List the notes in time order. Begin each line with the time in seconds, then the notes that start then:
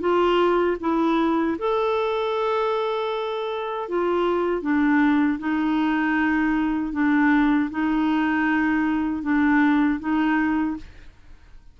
0.00 F4
0.80 E4
1.58 A4
3.88 F4
4.62 D4
5.39 D#4
6.92 D4
7.70 D#4
9.22 D4
10.00 D#4